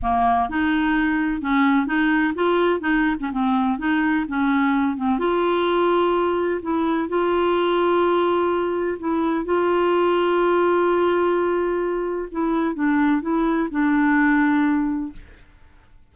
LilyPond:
\new Staff \with { instrumentName = "clarinet" } { \time 4/4 \tempo 4 = 127 ais4 dis'2 cis'4 | dis'4 f'4 dis'8. cis'16 c'4 | dis'4 cis'4. c'8 f'4~ | f'2 e'4 f'4~ |
f'2. e'4 | f'1~ | f'2 e'4 d'4 | e'4 d'2. | }